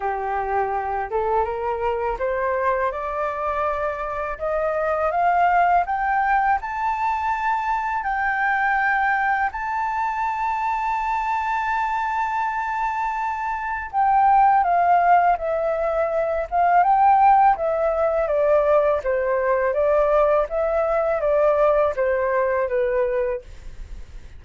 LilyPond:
\new Staff \with { instrumentName = "flute" } { \time 4/4 \tempo 4 = 82 g'4. a'8 ais'4 c''4 | d''2 dis''4 f''4 | g''4 a''2 g''4~ | g''4 a''2.~ |
a''2. g''4 | f''4 e''4. f''8 g''4 | e''4 d''4 c''4 d''4 | e''4 d''4 c''4 b'4 | }